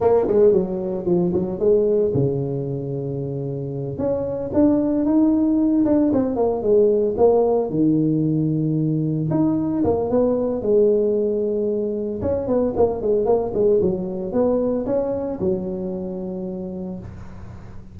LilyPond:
\new Staff \with { instrumentName = "tuba" } { \time 4/4 \tempo 4 = 113 ais8 gis8 fis4 f8 fis8 gis4 | cis2.~ cis8 cis'8~ | cis'8 d'4 dis'4. d'8 c'8 | ais8 gis4 ais4 dis4.~ |
dis4. dis'4 ais8 b4 | gis2. cis'8 b8 | ais8 gis8 ais8 gis8 fis4 b4 | cis'4 fis2. | }